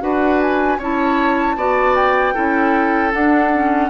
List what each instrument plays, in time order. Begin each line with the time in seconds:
0.00 bassoon D4, clarinet F#4, oboe B4, flute F#5
0.41 flute G#5
0.78 bassoon C#4, clarinet E4, oboe C#5, flute A5
1.56 bassoon B3, clarinet F#4, oboe D5
1.95 flute G5
2.33 bassoon C#4, clarinet E4, oboe A4
3.12 clarinet D4, bassoon D4, flute F#5
3.53 clarinet C#4